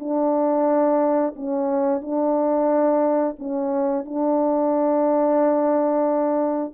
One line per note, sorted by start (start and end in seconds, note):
0.00 1.35 D4
1.37 2.01 C#4
2.01 3.36 D4
3.40 4.05 C#4
4.05 6.74 D4